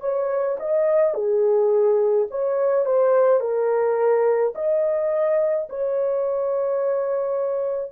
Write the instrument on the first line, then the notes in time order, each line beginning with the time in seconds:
horn
0.00 C#5
0.59 D#5
1.14 G#4
2.30 C#5
2.85 C5
3.40 A#4
4.55 D#5
5.69 C#5